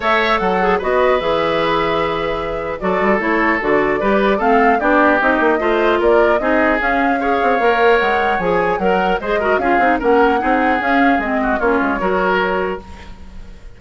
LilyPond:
<<
  \new Staff \with { instrumentName = "flute" } { \time 4/4 \tempo 4 = 150 e''4 fis''4 dis''4 e''4~ | e''2. d''4 | cis''4 d''2 f''4 | d''4 dis''2 d''4 |
dis''4 f''2. | fis''4 gis''4 fis''4 dis''4 | f''4 fis''2 f''4 | dis''4 cis''2. | }
  \new Staff \with { instrumentName = "oboe" } { \time 4/4 cis''4 a'4 b'2~ | b'2. a'4~ | a'2 b'4 a'4 | g'2 c''4 ais'4 |
gis'2 cis''2~ | cis''2 ais'4 c''8 ais'8 | gis'4 ais'4 gis'2~ | gis'8 fis'8 f'4 ais'2 | }
  \new Staff \with { instrumentName = "clarinet" } { \time 4/4 a'4. gis'8 fis'4 gis'4~ | gis'2. fis'4 | e'4 fis'4 g'4 c'4 | d'4 dis'4 f'2 |
dis'4 cis'4 gis'4 ais'4~ | ais'4 gis'4 ais'4 gis'8 fis'8 | f'8 dis'8 cis'4 dis'4 cis'4 | c'4 cis'4 fis'2 | }
  \new Staff \with { instrumentName = "bassoon" } { \time 4/4 a4 fis4 b4 e4~ | e2. fis8 g8 | a4 d4 g4 a4 | b4 c'8 ais8 a4 ais4 |
c'4 cis'4. c'8 ais4 | gis4 f4 fis4 gis4 | cis'8 c'8 ais4 c'4 cis'4 | gis4 ais8 gis8 fis2 | }
>>